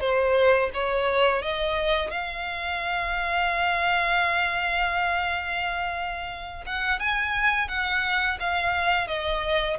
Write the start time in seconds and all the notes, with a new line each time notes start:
0.00 C5
0.74 C#5
1.42 D#5
2.10 F5
6.66 F#5
6.99 G#5
7.68 F#5
8.39 F5
9.07 D#5